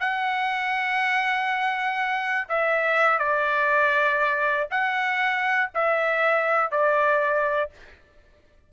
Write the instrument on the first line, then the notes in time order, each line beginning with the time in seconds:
trumpet
0.00 F#5
2.49 E5
3.19 D5
4.71 F#5
5.74 E5
6.71 D5